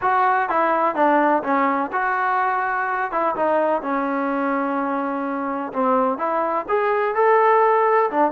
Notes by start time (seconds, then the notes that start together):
0.01 F#4
0.49 E4
0.95 D4
1.43 C#4
1.92 F#4
3.11 E4
3.35 D#4
3.81 C#4
5.72 C4
6.18 E4
6.68 G#4
7.15 A4
8.10 D4